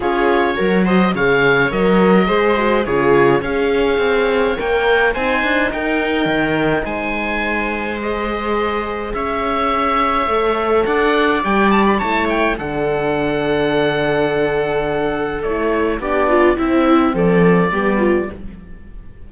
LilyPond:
<<
  \new Staff \with { instrumentName = "oboe" } { \time 4/4 \tempo 4 = 105 cis''4. dis''8 f''4 dis''4~ | dis''4 cis''4 f''2 | g''4 gis''4 g''2 | gis''2 dis''2 |
e''2. fis''4 | g''8 a''16 b''16 a''8 g''8 fis''2~ | fis''2. cis''4 | d''4 e''4 d''2 | }
  \new Staff \with { instrumentName = "viola" } { \time 4/4 gis'4 ais'8 c''8 cis''4.~ cis''16 ais'16 | c''4 gis'4 cis''2~ | cis''4 c''4 ais'2 | c''1 |
cis''2. d''4~ | d''4 cis''4 a'2~ | a'1 | g'8 f'8 e'4 a'4 g'8 f'8 | }
  \new Staff \with { instrumentName = "horn" } { \time 4/4 f'4 fis'4 gis'4 ais'4 | gis'8 fis'8 f'4 gis'2 | ais'4 dis'2.~ | dis'2 gis'2~ |
gis'2 a'2 | g'4 e'4 d'2~ | d'2. e'4 | d'4 c'2 b4 | }
  \new Staff \with { instrumentName = "cello" } { \time 4/4 cis'4 fis4 cis4 fis4 | gis4 cis4 cis'4 c'4 | ais4 c'8 d'8 dis'4 dis4 | gis1 |
cis'2 a4 d'4 | g4 a4 d2~ | d2. a4 | b4 c'4 f4 g4 | }
>>